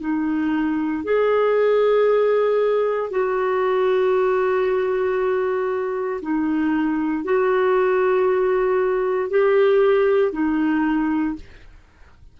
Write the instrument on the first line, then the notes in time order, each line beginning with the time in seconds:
clarinet
0.00 D#4
1.03 G#4
3.10 F#4
6.22 D#4
7.24 F#4
9.30 G4
10.32 D#4